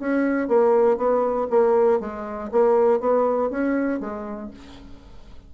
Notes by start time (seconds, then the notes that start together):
0.00 C#4
0.49 A#3
0.97 B3
1.50 A#3
2.00 G#3
2.52 A#3
3.00 B3
3.51 C#4
4.00 G#3